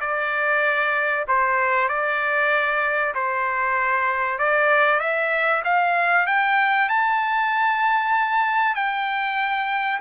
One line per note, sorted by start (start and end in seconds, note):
0.00 1.25 D5
1.28 1.89 C5
1.89 3.14 D5
3.14 4.39 C5
4.39 5.00 D5
5.00 5.62 E5
5.64 6.26 F5
6.26 6.89 G5
6.89 8.75 A5
8.75 10.00 G5